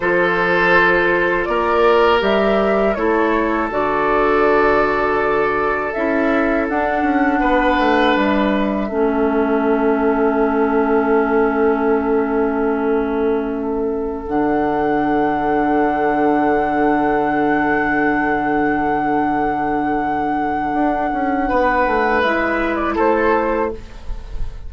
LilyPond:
<<
  \new Staff \with { instrumentName = "flute" } { \time 4/4 \tempo 4 = 81 c''2 d''4 e''4 | cis''4 d''2. | e''4 fis''2 e''4~ | e''1~ |
e''2.~ e''16 fis''8.~ | fis''1~ | fis''1~ | fis''2 e''8. d''16 c''4 | }
  \new Staff \with { instrumentName = "oboe" } { \time 4/4 a'2 ais'2 | a'1~ | a'2 b'2 | a'1~ |
a'1~ | a'1~ | a'1~ | a'4 b'2 a'4 | }
  \new Staff \with { instrumentName = "clarinet" } { \time 4/4 f'2. g'4 | e'4 fis'2. | e'4 d'2. | cis'1~ |
cis'2.~ cis'16 d'8.~ | d'1~ | d'1~ | d'2 e'2 | }
  \new Staff \with { instrumentName = "bassoon" } { \time 4/4 f2 ais4 g4 | a4 d2. | cis'4 d'8 cis'8 b8 a8 g4 | a1~ |
a2.~ a16 d8.~ | d1~ | d1 | d'8 cis'8 b8 a8 gis4 a4 | }
>>